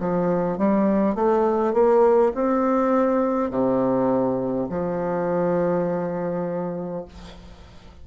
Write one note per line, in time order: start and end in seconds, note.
0.00 0.58 F3
0.58 1.16 G3
1.16 1.74 A3
1.74 2.33 A#3
2.35 3.50 C4
3.50 4.68 C3
4.70 7.05 F3